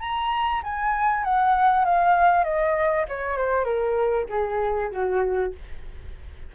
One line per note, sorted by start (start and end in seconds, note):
0.00 0.61 A#5
0.63 1.24 G#5
1.24 1.84 F#5
1.84 2.44 F5
2.44 3.05 D#5
3.08 3.37 C#5
3.37 3.64 C5
3.64 4.25 A#4
4.29 4.90 G#4
4.91 5.52 F#4